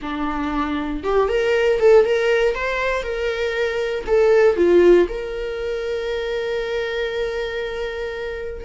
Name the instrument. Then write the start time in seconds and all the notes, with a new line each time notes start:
viola
0.02 D4
1.03 G4
1.28 A#4
1.79 A4
2.04 A#4
2.54 C5
3.02 A#4
4.07 A4
4.56 F4
5.08 A#4